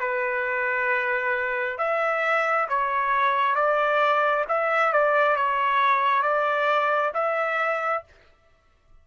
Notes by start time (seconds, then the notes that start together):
0.00 B4
1.78 E5
2.69 C#5
3.55 D5
4.49 E5
4.93 D5
5.36 C#5
6.23 D5
7.14 E5